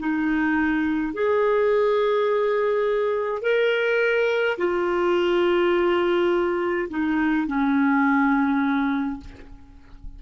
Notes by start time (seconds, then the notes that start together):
0.00 D#4
1.14 G#4
3.42 A#4
4.58 F4
6.90 D#4
7.47 C#4